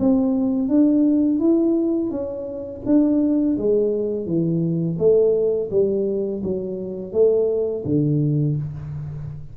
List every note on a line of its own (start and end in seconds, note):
0.00 0.69 C4
0.69 1.40 D4
1.40 2.11 E4
2.11 2.82 C#4
2.86 3.57 D4
3.58 4.26 G#3
4.26 4.98 E3
4.99 5.70 A3
5.71 6.42 G3
6.44 7.13 F#3
7.13 7.84 A3
7.85 8.56 D3